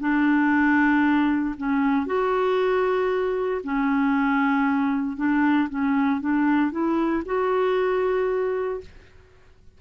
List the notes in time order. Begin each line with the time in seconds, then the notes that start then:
0.00 D4
1.58 C#4
2.06 F#4
3.64 C#4
5.17 D4
5.70 C#4
6.21 D4
6.71 E4
7.26 F#4